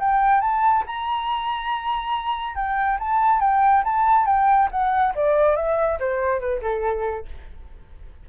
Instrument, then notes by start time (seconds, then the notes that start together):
flute
0.00 G5
0.41 A5
0.87 A#5
2.56 G5
3.00 A5
3.41 G5
3.85 A5
4.27 G5
4.72 F#5
5.15 D5
5.57 E5
6.00 C5
6.40 B4
6.62 A4